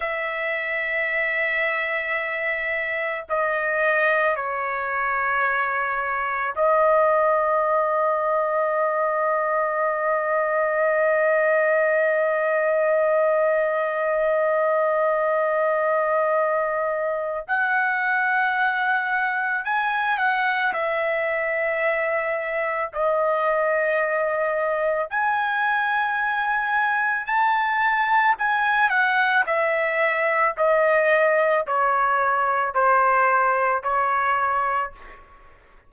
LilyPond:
\new Staff \with { instrumentName = "trumpet" } { \time 4/4 \tempo 4 = 55 e''2. dis''4 | cis''2 dis''2~ | dis''1~ | dis''1 |
fis''2 gis''8 fis''8 e''4~ | e''4 dis''2 gis''4~ | gis''4 a''4 gis''8 fis''8 e''4 | dis''4 cis''4 c''4 cis''4 | }